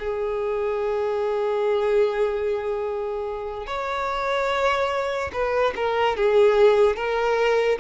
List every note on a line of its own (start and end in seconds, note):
0.00 3.67 G#4
3.67 5.32 C#5
5.33 5.75 B4
5.76 6.17 A#4
6.17 6.97 G#4
6.97 7.79 A#4